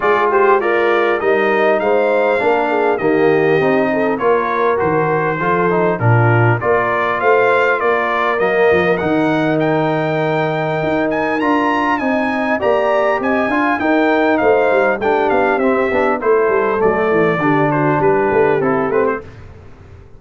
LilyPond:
<<
  \new Staff \with { instrumentName = "trumpet" } { \time 4/4 \tempo 4 = 100 d''8 c''8 d''4 dis''4 f''4~ | f''4 dis''2 cis''4 | c''2 ais'4 d''4 | f''4 d''4 dis''4 fis''4 |
g''2~ g''8 gis''8 ais''4 | gis''4 ais''4 gis''4 g''4 | f''4 g''8 f''8 e''4 c''4 | d''4. c''8 b'4 a'8 b'16 c''16 | }
  \new Staff \with { instrumentName = "horn" } { \time 4/4 gis'8 g'8 f'4 ais'4 c''4 | ais'8 gis'8 g'4. a'8 ais'4~ | ais'4 a'4 f'4 ais'4 | c''4 ais'2.~ |
ais'1 | dis''4 d''4 dis''8 f''8 ais'4 | c''4 g'2 a'4~ | a'4 g'8 fis'8 g'2 | }
  \new Staff \with { instrumentName = "trombone" } { \time 4/4 f'4 ais'4 dis'2 | d'4 ais4 dis'4 f'4 | fis'4 f'8 dis'8 d'4 f'4~ | f'2 ais4 dis'4~ |
dis'2. f'4 | dis'4 g'4. f'8 dis'4~ | dis'4 d'4 c'8 d'8 e'4 | a4 d'2 e'8 c'8 | }
  \new Staff \with { instrumentName = "tuba" } { \time 4/4 gis2 g4 gis4 | ais4 dis4 c'4 ais4 | dis4 f4 ais,4 ais4 | a4 ais4 fis8 f8 dis4~ |
dis2 dis'4 d'4 | c'4 ais4 c'8 d'8 dis'4 | a8 g8 a8 b8 c'8 b8 a8 g8 | fis8 e8 d4 g8 a8 c'8 a8 | }
>>